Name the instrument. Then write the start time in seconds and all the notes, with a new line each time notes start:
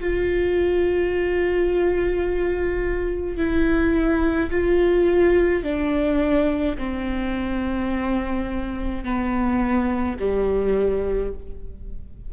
viola
0.00 F4
3.37 E4
4.50 F4
5.63 D4
6.78 C4
9.04 B3
10.19 G3